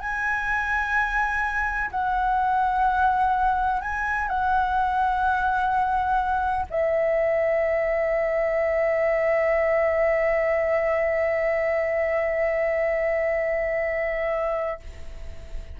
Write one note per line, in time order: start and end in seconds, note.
0.00 1.90 G#5
1.90 3.81 F#5
3.81 4.28 G#5
4.28 6.66 F#5
6.70 14.80 E5